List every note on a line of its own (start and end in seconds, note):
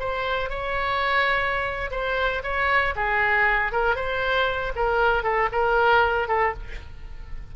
0.00 0.50 C5
0.50 1.91 C#5
1.91 2.43 C5
2.44 2.95 C#5
2.96 3.72 G#4
3.72 3.96 A#4
3.96 4.73 C5
4.76 5.24 A#4
5.24 5.49 A4
5.52 6.28 A#4
6.28 6.54 A4